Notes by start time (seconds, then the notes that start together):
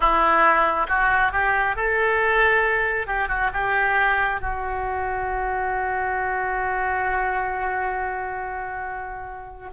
0.00 E4
0.87 F#4
1.32 G4
1.76 A4
3.06 G4
3.28 F#4
3.53 G4
4.40 F#4